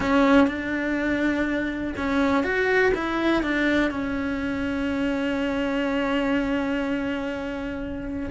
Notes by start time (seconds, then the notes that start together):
0.00 C#4
0.47 D4
1.96 C#4
2.43 F#4
2.94 E4
3.42 D4
3.90 C#4